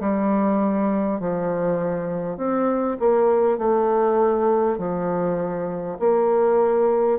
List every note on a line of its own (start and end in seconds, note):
0.00 1.20 G3
1.20 2.37 F3
2.37 2.97 C4
2.99 3.58 A#3
3.58 4.78 A3
4.78 5.98 F3
5.99 7.18 A#3